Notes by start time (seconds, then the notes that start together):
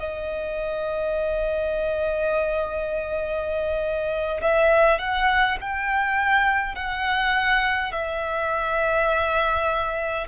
0.00 D#5
4.42 E5
4.99 F#5
5.61 G5
6.75 F#5
7.92 E5